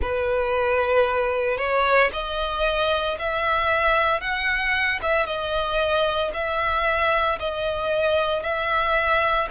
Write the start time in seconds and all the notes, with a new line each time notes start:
0.01 B4
1.57 C#5
2.12 D#5
3.18 E5
4.21 F#5
5.01 E5
5.25 D#5
6.33 E5
7.39 D#5
8.43 E5